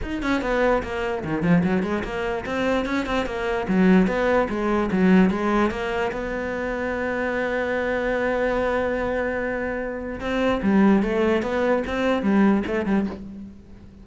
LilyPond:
\new Staff \with { instrumentName = "cello" } { \time 4/4 \tempo 4 = 147 dis'8 cis'8 b4 ais4 dis8 f8 | fis8 gis8 ais4 c'4 cis'8 c'8 | ais4 fis4 b4 gis4 | fis4 gis4 ais4 b4~ |
b1~ | b1~ | b4 c'4 g4 a4 | b4 c'4 g4 a8 g8 | }